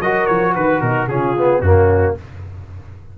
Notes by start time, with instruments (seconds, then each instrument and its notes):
0.00 tuba F#3, trombone F#4, horn A#4, trumpet D#5
0.26 tuba F3, trumpet C#5
0.53 tuba D#3, horn B4, trumpet B4
0.81 tuba B2, horn D#4, trumpet A#4
1.08 tuba C#3, trombone C#4, horn F4, trumpet G#4
1.37 trombone B3
1.60 tuba F#2, trombone A#3, horn C#4, trumpet F#4